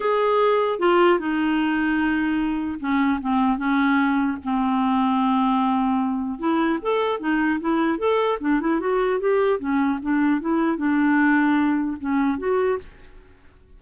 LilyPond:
\new Staff \with { instrumentName = "clarinet" } { \time 4/4 \tempo 4 = 150 gis'2 f'4 dis'4~ | dis'2. cis'4 | c'4 cis'2 c'4~ | c'1 |
e'4 a'4 dis'4 e'4 | a'4 d'8 e'8 fis'4 g'4 | cis'4 d'4 e'4 d'4~ | d'2 cis'4 fis'4 | }